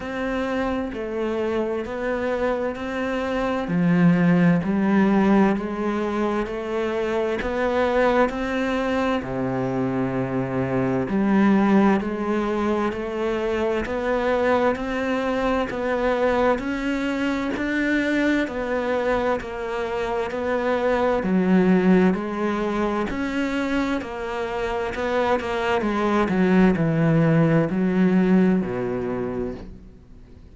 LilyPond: \new Staff \with { instrumentName = "cello" } { \time 4/4 \tempo 4 = 65 c'4 a4 b4 c'4 | f4 g4 gis4 a4 | b4 c'4 c2 | g4 gis4 a4 b4 |
c'4 b4 cis'4 d'4 | b4 ais4 b4 fis4 | gis4 cis'4 ais4 b8 ais8 | gis8 fis8 e4 fis4 b,4 | }